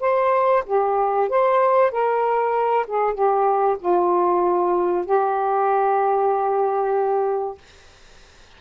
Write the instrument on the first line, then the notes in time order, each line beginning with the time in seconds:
saxophone
0.00 C5
0.65 G4
1.29 C5
1.91 A#4
2.87 G#4
3.14 G4
3.79 F4
5.05 G4